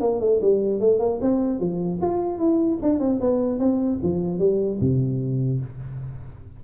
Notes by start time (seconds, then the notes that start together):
0.00 A#3
0.20 A3
0.41 G3
0.80 A3
0.99 A#3
1.21 C4
1.59 F3
2.01 F4
2.38 E4
2.82 D4
2.99 C4
3.20 B3
3.59 C4
4.02 F3
4.38 G3
4.80 C3